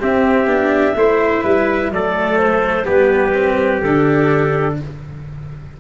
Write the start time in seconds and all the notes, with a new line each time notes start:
0.00 C4 G4 E5
0.46 B3 D4
0.95 A3 E4 C5
1.43 G3 B4
1.90 F#3 A3 A4 D5
2.38 C5
2.86 G3 B3 G4 B4
3.34 C4
3.82 D3 D4 A4